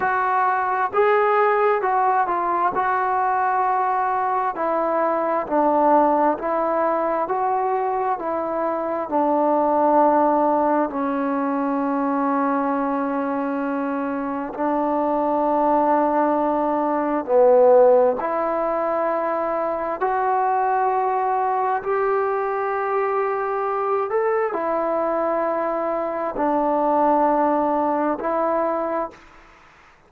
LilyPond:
\new Staff \with { instrumentName = "trombone" } { \time 4/4 \tempo 4 = 66 fis'4 gis'4 fis'8 f'8 fis'4~ | fis'4 e'4 d'4 e'4 | fis'4 e'4 d'2 | cis'1 |
d'2. b4 | e'2 fis'2 | g'2~ g'8 a'8 e'4~ | e'4 d'2 e'4 | }